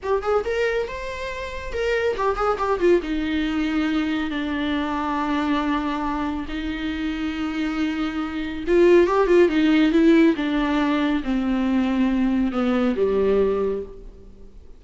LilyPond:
\new Staff \with { instrumentName = "viola" } { \time 4/4 \tempo 4 = 139 g'8 gis'8 ais'4 c''2 | ais'4 g'8 gis'8 g'8 f'8 dis'4~ | dis'2 d'2~ | d'2. dis'4~ |
dis'1 | f'4 g'8 f'8 dis'4 e'4 | d'2 c'2~ | c'4 b4 g2 | }